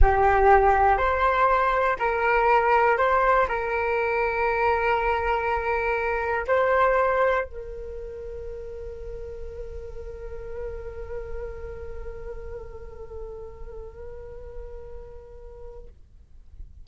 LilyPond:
\new Staff \with { instrumentName = "flute" } { \time 4/4 \tempo 4 = 121 g'2 c''2 | ais'2 c''4 ais'4~ | ais'1~ | ais'4 c''2 ais'4~ |
ais'1~ | ais'1~ | ais'1~ | ais'1 | }